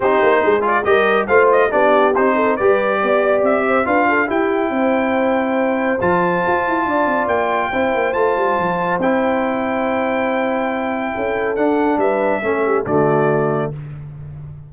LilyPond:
<<
  \new Staff \with { instrumentName = "trumpet" } { \time 4/4 \tempo 4 = 140 c''4. d''8 dis''4 f''8 dis''8 | d''4 c''4 d''2 | e''4 f''4 g''2~ | g''2 a''2~ |
a''4 g''2 a''4~ | a''4 g''2.~ | g''2. fis''4 | e''2 d''2 | }
  \new Staff \with { instrumentName = "horn" } { \time 4/4 g'4 gis'4 ais'4 c''4 | g'4. a'8 b'4 d''4~ | d''8 c''8 b'8 a'8 g'4 c''4~ | c''1 |
d''2 c''2~ | c''1~ | c''2 a'2 | b'4 a'8 g'8 fis'2 | }
  \new Staff \with { instrumentName = "trombone" } { \time 4/4 dis'4. f'8 g'4 f'4 | d'4 dis'4 g'2~ | g'4 f'4 e'2~ | e'2 f'2~ |
f'2 e'4 f'4~ | f'4 e'2.~ | e'2. d'4~ | d'4 cis'4 a2 | }
  \new Staff \with { instrumentName = "tuba" } { \time 4/4 c'8 ais8 gis4 g4 a4 | b4 c'4 g4 b4 | c'4 d'4 e'4 c'4~ | c'2 f4 f'8 e'8 |
d'8 c'8 ais4 c'8 ais8 a8 g8 | f4 c'2.~ | c'2 cis'4 d'4 | g4 a4 d2 | }
>>